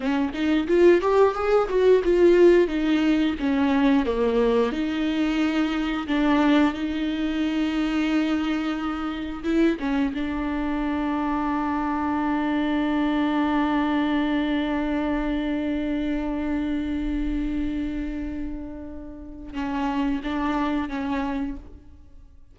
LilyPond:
\new Staff \with { instrumentName = "viola" } { \time 4/4 \tempo 4 = 89 cis'8 dis'8 f'8 g'8 gis'8 fis'8 f'4 | dis'4 cis'4 ais4 dis'4~ | dis'4 d'4 dis'2~ | dis'2 e'8 cis'8 d'4~ |
d'1~ | d'1~ | d'1~ | d'4 cis'4 d'4 cis'4 | }